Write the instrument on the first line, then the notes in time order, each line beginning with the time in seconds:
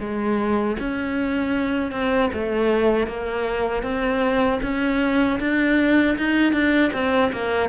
cello
0.00 G#3
0.79 C#4
1.91 C4
2.33 A3
3.07 A#3
3.83 C4
4.62 C#4
5.40 D4
6.18 D#4
6.53 D4
6.93 C4
7.33 A#3